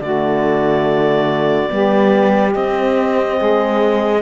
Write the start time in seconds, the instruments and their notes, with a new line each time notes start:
0.00 cello D3, horn A3, saxophone F#4, clarinet D5
1.68 cello G3, horn B3, saxophone G4
2.54 cello C4, horn C4, clarinet D#5
3.38 cello G#3, saxophone G#4